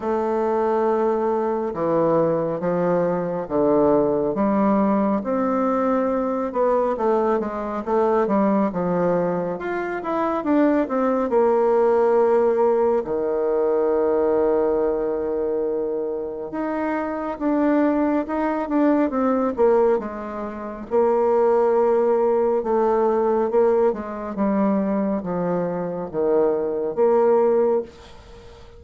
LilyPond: \new Staff \with { instrumentName = "bassoon" } { \time 4/4 \tempo 4 = 69 a2 e4 f4 | d4 g4 c'4. b8 | a8 gis8 a8 g8 f4 f'8 e'8 | d'8 c'8 ais2 dis4~ |
dis2. dis'4 | d'4 dis'8 d'8 c'8 ais8 gis4 | ais2 a4 ais8 gis8 | g4 f4 dis4 ais4 | }